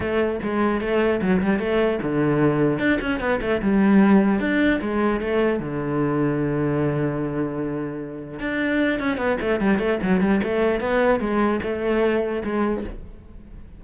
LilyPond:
\new Staff \with { instrumentName = "cello" } { \time 4/4 \tempo 4 = 150 a4 gis4 a4 fis8 g8 | a4 d2 d'8 cis'8 | b8 a8 g2 d'4 | gis4 a4 d2~ |
d1~ | d4 d'4. cis'8 b8 a8 | g8 a8 fis8 g8 a4 b4 | gis4 a2 gis4 | }